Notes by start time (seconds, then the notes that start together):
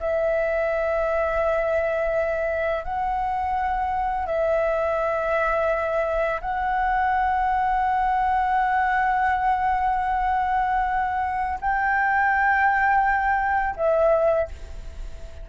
0.00 E5
2.84 F#5
4.26 E5
6.41 F#5
11.61 G5
13.76 E5